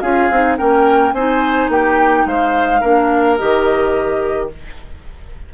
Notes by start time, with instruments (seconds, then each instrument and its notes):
0.00 bassoon C#4, clarinet F4, oboe G#4, flute F5
0.30 bassoon C4, clarinet D#4
0.57 bassoon A#3, clarinet C#4, oboe A#4, flute G5
1.13 bassoon C4, clarinet D#4, oboe C5, flute G#5
1.69 bassoon A#3, oboe G4, flute G5
2.26 bassoon G#3, oboe C5, flute F5
2.80 bassoon A#3, clarinet D4, oboe A#4
3.37 bassoon D#3, clarinet G4, flute D#5